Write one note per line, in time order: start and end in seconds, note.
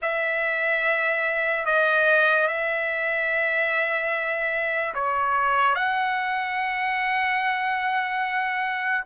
0.02 1.65 E5
1.65 2.47 D#5
2.47 4.94 E5
4.94 5.75 C#5
5.75 9.04 F#5